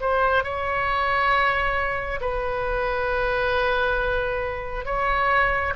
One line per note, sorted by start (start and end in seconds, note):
0.00 0.43 C5
0.43 2.20 C#5
2.20 4.85 B4
4.85 5.73 C#5